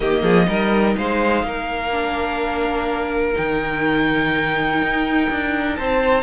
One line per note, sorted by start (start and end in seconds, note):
0.00 0.22 D#3
0.00 0.46 A#3
0.00 0.22 G4
0.00 0.96 D#5
0.22 0.46 F3
0.22 0.46 G#4
0.46 0.95 G3
0.46 1.90 D#4
0.46 0.96 A#4
0.97 1.43 G#3
0.97 1.46 C5
0.97 3.36 F5
1.43 3.35 A#3
1.43 5.77 A#4
1.91 3.33 D4
3.33 4.81 D#3
3.33 6.21 D#4
3.33 5.76 G5
4.81 5.29 D#4
5.30 5.78 D4
5.76 6.23 C4
5.76 6.23 C5
5.76 6.23 A5